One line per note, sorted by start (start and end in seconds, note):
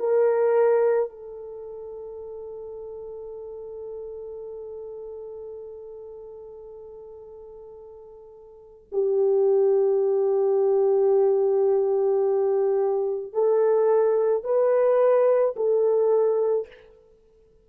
0.00 1.10 A#4
1.10 8.87 A4
8.92 13.33 G4
13.33 14.44 A4
14.44 15.55 B4
15.57 16.68 A4